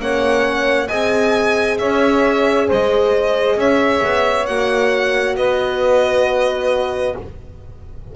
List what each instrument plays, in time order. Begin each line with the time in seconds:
0.00 double bass A#3, horn C#4, saxophone C#5, violin F#5
0.88 double bass C4, horn G#4, saxophone D#5, violin G#5
1.79 double bass C#4, saxophone C#5, violin E5
2.68 double bass G#3, saxophone C5, violin D#5
3.57 double bass C#4, saxophone C#5, violin E5
4.04 double bass B3
4.46 double bass A#3, horn F#4, violin F#5
5.36 double bass B3, saxophone B4, violin D#5